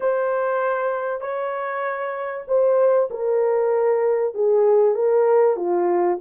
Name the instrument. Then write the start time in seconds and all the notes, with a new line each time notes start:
horn
0.00 C5
1.20 C#5
2.47 C5
3.10 A#4
4.34 G#4
4.95 A#4
5.56 F4